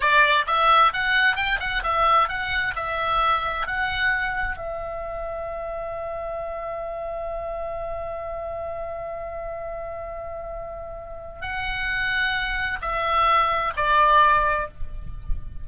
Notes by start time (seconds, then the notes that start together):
0.00 D5
0.47 E5
0.93 F#5
1.36 G5
1.60 F#5
1.83 E5
2.29 F#5
2.75 E5
3.66 F#5
4.57 E5
11.41 F#5
12.81 E5
13.76 D5